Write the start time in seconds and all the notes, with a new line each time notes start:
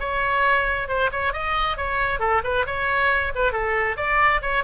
0.00 C#5
0.88 C5
1.12 C#5
1.33 D#5
1.77 C#5
2.20 A4
2.44 B4
2.67 C#5
3.35 B4
3.53 A4
3.97 D5
4.42 C#5